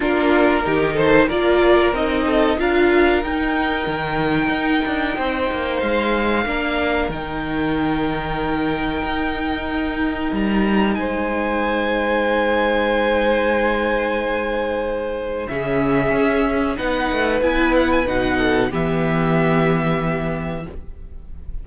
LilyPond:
<<
  \new Staff \with { instrumentName = "violin" } { \time 4/4 \tempo 4 = 93 ais'4. c''8 d''4 dis''4 | f''4 g''2.~ | g''4 f''2 g''4~ | g''1 |
ais''4 gis''2.~ | gis''1 | e''2 fis''4 gis''8 fis''16 gis''16 | fis''4 e''2. | }
  \new Staff \with { instrumentName = "violin" } { \time 4/4 f'4 g'8 a'8 ais'4. a'8 | ais'1 | c''2 ais'2~ | ais'1~ |
ais'4 c''2.~ | c''1 | gis'2 b'2~ | b'8 a'8 g'2. | }
  \new Staff \with { instrumentName = "viola" } { \time 4/4 d'4 dis'4 f'4 dis'4 | f'4 dis'2.~ | dis'2 d'4 dis'4~ | dis'1~ |
dis'1~ | dis'1 | cis'2 dis'4 e'4 | dis'4 b2. | }
  \new Staff \with { instrumentName = "cello" } { \time 4/4 ais4 dis4 ais4 c'4 | d'4 dis'4 dis4 dis'8 d'8 | c'8 ais8 gis4 ais4 dis4~ | dis2 dis'2 |
g4 gis2.~ | gis1 | cis4 cis'4 b8 a8 b4 | b,4 e2. | }
>>